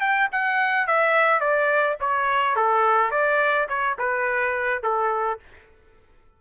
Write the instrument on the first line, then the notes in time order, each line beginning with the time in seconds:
trumpet
0.00 G5
0.32 F#5
0.87 E5
1.40 D5
2.00 C#5
2.56 A4
3.11 D5
3.68 C#5
3.99 B4
4.83 A4